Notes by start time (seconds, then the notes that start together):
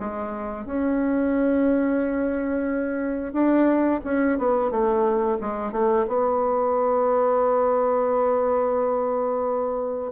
0.00 G#3
0.66 C#4
3.33 D4
4.05 C#4
4.39 B3
4.71 A3
5.41 G#3
5.73 A3
6.08 B3